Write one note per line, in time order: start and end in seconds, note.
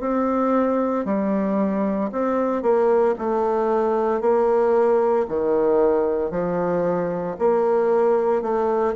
0.00 1.05 C4
1.05 2.11 G3
2.12 2.62 C4
2.62 3.15 A#3
3.18 4.21 A3
4.21 5.26 A#3
5.28 6.31 D#3
6.31 7.36 F3
7.38 8.42 A#3
8.42 8.94 A3